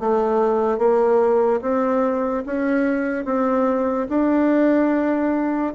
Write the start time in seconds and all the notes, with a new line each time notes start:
0.00 A3
0.78 A#3
1.61 C4
2.46 C#4
3.25 C4
4.09 D4